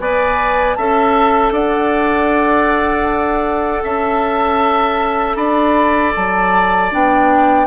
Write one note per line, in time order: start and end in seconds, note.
0.00 0.77 B3
0.00 0.77 B4
0.00 0.78 D5
0.00 0.75 G#5
0.75 1.51 C#4
0.75 6.92 A4
0.75 1.54 E5
0.75 1.52 A5
1.51 3.82 D4
1.51 3.84 D5
1.51 3.85 F#5
3.84 5.36 C#4
3.84 5.37 E5
3.84 5.36 A5
5.36 6.13 D4
5.36 7.67 D5
5.36 6.13 B5
6.16 6.93 F#3
6.16 6.93 A5
6.92 7.67 B3
6.92 7.67 D4
6.92 7.67 G5